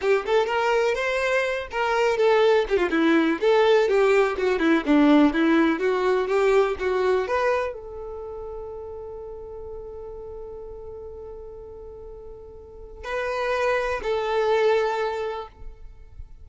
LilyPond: \new Staff \with { instrumentName = "violin" } { \time 4/4 \tempo 4 = 124 g'8 a'8 ais'4 c''4. ais'8~ | ais'8 a'4 g'16 f'16 e'4 a'4 | g'4 fis'8 e'8 d'4 e'4 | fis'4 g'4 fis'4 b'4 |
a'1~ | a'1~ | a'2. b'4~ | b'4 a'2. | }